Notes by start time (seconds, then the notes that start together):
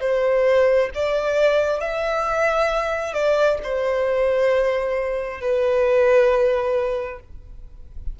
0.00 C5
0.94 D5
1.80 E5
3.13 D5
3.63 C5
5.40 B4